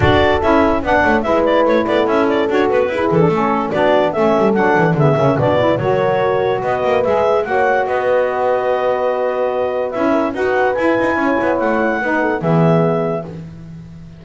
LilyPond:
<<
  \new Staff \with { instrumentName = "clarinet" } { \time 4/4 \tempo 4 = 145 d''4 e''4 fis''4 e''8 d''8 | cis''8 d''8 e''8 d''8 cis''8 b'4 a'8~ | a'4 d''4 e''4 fis''4 | e''4 d''4 cis''2 |
dis''4 e''4 fis''4 dis''4~ | dis''1 | e''4 fis''4 gis''2 | fis''2 e''2 | }
  \new Staff \with { instrumentName = "horn" } { \time 4/4 a'2 d''8 cis''8 b'4~ | b'8 a'2~ a'8 gis'4 | a'4 fis'4 a'2 | gis'8 ais'8 b'4 ais'2 |
b'2 cis''4 b'4~ | b'1~ | b'8 ais'8 b'2 cis''4~ | cis''4 b'8 a'8 gis'2 | }
  \new Staff \with { instrumentName = "saxophone" } { \time 4/4 fis'4 e'4 d'4 e'4~ | e'2 fis'4 e'8. d'16 | cis'4 d'4 cis'4 d'4 | b8 cis'8 d'8 e'8 fis'2~ |
fis'4 gis'4 fis'2~ | fis'1 | e'4 fis'4 e'2~ | e'4 dis'4 b2 | }
  \new Staff \with { instrumentName = "double bass" } { \time 4/4 d'4 cis'4 b8 a8 gis4 | a8 b8 cis'4 d'8 b8 e'8 e8 | a4 b4 a8 g8 fis8 e8 | d8 cis8 b,4 fis2 |
b8 ais8 gis4 ais4 b4~ | b1 | cis'4 dis'4 e'8 dis'8 cis'8 b8 | a4 b4 e2 | }
>>